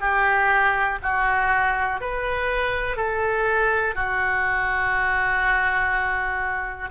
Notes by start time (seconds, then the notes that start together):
0.00 G4
1.02 F#4
2.00 B4
2.96 A4
3.94 F#4